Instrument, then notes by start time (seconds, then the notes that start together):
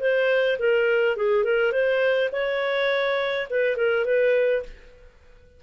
clarinet
0.00 C5
0.59 A#4
1.16 G#4
1.44 A#4
1.72 C5
2.32 C#5
3.50 B4
3.77 A#4
4.05 B4